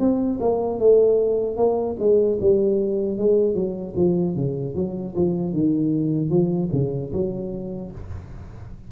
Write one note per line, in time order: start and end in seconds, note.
0.00 0.39 C4
0.41 0.79 A#3
0.79 1.57 A3
1.57 1.97 A#3
2.00 2.39 G#3
2.41 3.18 G3
3.18 3.55 G#3
3.55 3.94 F#3
3.96 4.36 F3
4.36 4.75 C#3
4.75 5.15 F#3
5.16 5.53 F3
5.53 6.30 D#3
6.30 6.70 F3
6.73 7.12 C#3
7.13 7.92 F#3